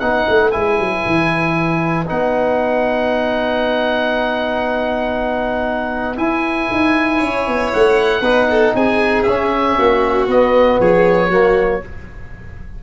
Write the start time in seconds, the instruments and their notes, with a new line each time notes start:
0.00 tuba B3, trombone D#4, violin B4, oboe F#5
0.29 tuba A3
0.51 tuba G#3, trombone E4, oboe G#5
0.80 tuba F#3
1.07 tuba E3
2.06 tuba B3, trombone D#4, oboe F#5
6.17 trombone E4, tuba E4, oboe G#5
6.72 tuba D#4
7.19 tuba C#4, violin C#5
7.48 tuba B3
7.74 tuba A3, oboe F#5
8.21 tuba B3, trombone D#4, violin B4
8.51 violin A4
8.75 tuba C4, violin G#4, oboe G#5
9.23 tuba C#4, trombone C#4, oboe E5
9.78 tuba A#3, violin F#4
10.28 tuba B3, trombone B3, oboe D#5
10.80 tuba F3, violin G#4, oboe C#5
11.30 tuba F#3, trombone A#3, violin F#4